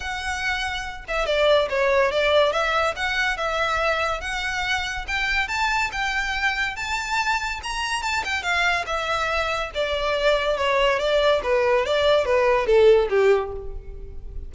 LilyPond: \new Staff \with { instrumentName = "violin" } { \time 4/4 \tempo 4 = 142 fis''2~ fis''8 e''8 d''4 | cis''4 d''4 e''4 fis''4 | e''2 fis''2 | g''4 a''4 g''2 |
a''2 ais''4 a''8 g''8 | f''4 e''2 d''4~ | d''4 cis''4 d''4 b'4 | d''4 b'4 a'4 g'4 | }